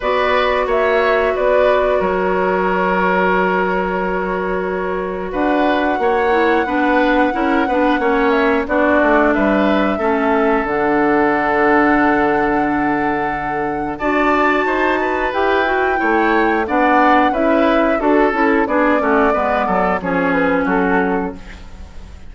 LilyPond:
<<
  \new Staff \with { instrumentName = "flute" } { \time 4/4 \tempo 4 = 90 d''4 e''4 d''4 cis''4~ | cis''1 | fis''1~ | fis''8 e''8 d''4 e''2 |
fis''1~ | fis''4 a''2 g''4~ | g''4 fis''4 e''4 a'4 | d''2 cis''8 b'8 a'4 | }
  \new Staff \with { instrumentName = "oboe" } { \time 4/4 b'4 cis''4 b'4 ais'4~ | ais'1 | b'4 cis''4 b'4 ais'8 b'8 | cis''4 fis'4 b'4 a'4~ |
a'1~ | a'4 d''4 c''8 b'4. | cis''4 d''4 b'4 a'4 | gis'8 fis'8 b'8 a'8 gis'4 fis'4 | }
  \new Staff \with { instrumentName = "clarinet" } { \time 4/4 fis'1~ | fis'1~ | fis'4. e'8 d'4 e'8 d'8 | cis'4 d'2 cis'4 |
d'1~ | d'4 fis'2 g'8 fis'8 | e'4 d'4 e'4 fis'8 e'8 | d'8 cis'8 b4 cis'2 | }
  \new Staff \with { instrumentName = "bassoon" } { \time 4/4 b4 ais4 b4 fis4~ | fis1 | d'4 ais4 b4 cis'8 b8 | ais4 b8 a8 g4 a4 |
d1~ | d4 d'4 dis'4 e'4 | a4 b4 cis'4 d'8 cis'8 | b8 a8 gis8 fis8 f4 fis4 | }
>>